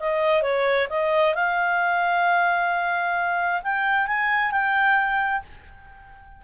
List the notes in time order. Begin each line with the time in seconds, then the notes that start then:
0.00 D#5
0.43 C#5
0.90 D#5
1.35 F5
3.63 G5
4.07 G#5
4.51 G5